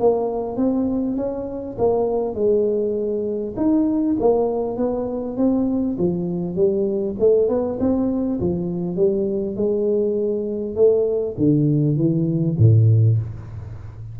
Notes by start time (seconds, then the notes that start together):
0.00 A#3
0.56 C4
1.17 C#4
1.78 A#3
2.35 G#3
3.56 D#4
4.20 A#3
4.77 B3
5.37 C4
5.98 F3
6.56 G3
7.19 A3
7.49 B3
7.80 C4
8.41 F3
8.96 G3
9.56 G#3
10.76 A3
11.38 D3
11.97 E3
12.58 A2